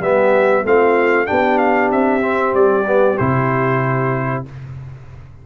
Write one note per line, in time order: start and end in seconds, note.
0.00 0.63 G3
0.00 0.65 B3
0.00 0.64 G4
0.00 0.65 E5
0.65 1.28 A3
0.65 1.26 C4
0.65 1.28 F4
0.65 1.27 F5
1.26 1.92 B3
1.26 2.21 D4
1.26 4.43 G4
1.26 1.58 G5
1.58 1.90 F5
1.92 2.54 C4
1.92 2.55 E5
2.21 2.84 C4
2.54 3.17 G3
2.54 3.18 D5
2.87 3.18 B3
3.18 4.46 C3
3.18 4.45 E4
3.18 4.44 C5